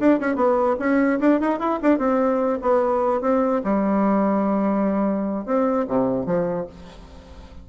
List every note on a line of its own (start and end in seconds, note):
0.00 0.20 D4
0.20 0.36 C#4
0.36 0.76 B3
0.80 1.20 C#4
1.21 1.41 D4
1.41 1.60 D#4
1.60 1.80 E4
1.83 1.99 D4
1.99 2.60 C4
2.62 3.22 B3
3.22 3.62 C4
3.64 5.46 G3
5.46 5.87 C4
5.88 6.26 C3
6.26 6.67 F3